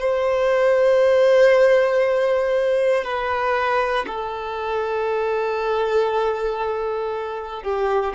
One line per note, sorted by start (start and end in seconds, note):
0.00 3.04 C5
3.04 4.05 B4
4.07 7.63 A4
7.63 8.14 G4